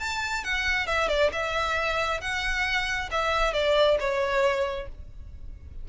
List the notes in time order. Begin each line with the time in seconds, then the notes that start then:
0.00 A5
0.44 F#5
0.87 E5
1.09 D5
1.33 E5
2.21 F#5
3.11 E5
3.53 D5
4.00 C#5